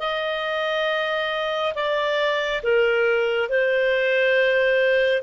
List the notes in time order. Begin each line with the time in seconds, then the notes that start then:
0.00 D#5
1.75 D5
2.64 A#4
3.49 C5